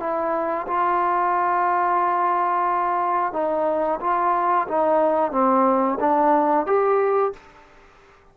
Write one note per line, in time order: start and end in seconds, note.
0.00 0.67 E4
0.68 3.33 F4
3.33 4.00 D#4
4.01 4.68 F4
4.68 5.32 D#4
5.32 5.99 C4
6.01 6.67 D4
6.67 7.33 G4